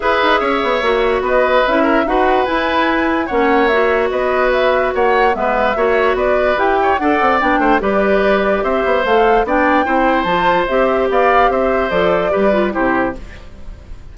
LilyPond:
<<
  \new Staff \with { instrumentName = "flute" } { \time 4/4 \tempo 4 = 146 e''2. dis''4 | e''4 fis''4 gis''2 | fis''4 e''4 dis''4 e''4 | fis''4 e''2 d''4 |
g''4 fis''4 g''4 d''4~ | d''4 e''4 f''4 g''4~ | g''4 a''4 e''4 f''4 | e''4 d''2 c''4 | }
  \new Staff \with { instrumentName = "oboe" } { \time 4/4 b'4 cis''2 b'4~ | b'8 ais'8 b'2. | cis''2 b'2 | cis''4 b'4 cis''4 b'4~ |
b'8 cis''8 d''4. c''8 b'4~ | b'4 c''2 d''4 | c''2. d''4 | c''2 b'4 g'4 | }
  \new Staff \with { instrumentName = "clarinet" } { \time 4/4 gis'2 fis'2 | e'4 fis'4 e'2 | cis'4 fis'2.~ | fis'4 b4 fis'2 |
g'4 a'4 d'4 g'4~ | g'2 a'4 d'4 | e'4 f'4 g'2~ | g'4 a'4 g'8 f'8 e'4 | }
  \new Staff \with { instrumentName = "bassoon" } { \time 4/4 e'8 dis'8 cis'8 b8 ais4 b4 | cis'4 dis'4 e'2 | ais2 b2 | ais4 gis4 ais4 b4 |
e'4 d'8 c'8 b8 a8 g4~ | g4 c'8 b8 a4 b4 | c'4 f4 c'4 b4 | c'4 f4 g4 c4 | }
>>